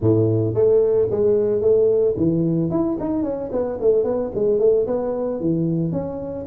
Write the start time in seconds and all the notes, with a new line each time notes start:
0.00 A2
0.54 A3
1.10 G#3
1.61 A3
2.16 E3
2.70 E4
3.00 D#4
3.23 C#4
3.51 B3
3.80 A3
4.03 B3
4.34 G#3
4.59 A3
4.86 B3
5.40 E3
5.92 C#4